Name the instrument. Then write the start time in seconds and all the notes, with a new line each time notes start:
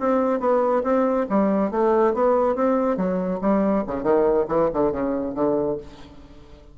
bassoon
0.00 C4
0.40 B3
0.83 C4
1.29 G3
1.71 A3
2.14 B3
2.55 C4
2.97 F#3
3.41 G3
3.87 C#3
4.03 D#3
4.48 E3
4.74 D3
4.92 C#3
5.35 D3